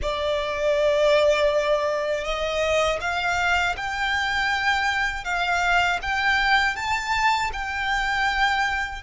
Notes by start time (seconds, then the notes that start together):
0.02 D5
2.24 D#5
3.00 F5
3.76 G5
5.24 F5
6.01 G5
6.75 A5
7.52 G5